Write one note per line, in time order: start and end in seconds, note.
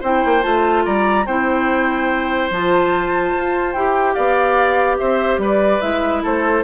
0.00 0.24 C4
0.00 0.41 E4
0.00 0.83 C5
0.00 0.43 G5
0.24 0.44 A#3
0.41 0.86 A3
0.41 1.24 F4
0.41 0.84 A5
0.85 1.26 G3
0.85 1.26 D5
0.85 1.26 A#5
1.26 2.50 C4
1.26 2.52 E4
1.26 4.14 C5
1.26 2.50 G5
2.50 3.33 F3
2.50 3.76 F4
2.50 3.73 A5
3.36 3.74 F4
3.73 4.16 E4
3.73 5.81 G4
3.73 4.14 G5
4.14 5.00 B3
4.14 4.97 D5
4.14 4.97 F5
4.97 5.38 C4
4.97 5.41 C5
4.97 5.39 E5
5.38 5.79 G3
5.38 6.22 B4
5.38 5.81 D5
5.81 6.24 G#3
5.81 6.64 E4
5.81 6.22 E5
6.22 6.64 A3
6.22 6.64 A4
6.22 6.64 C5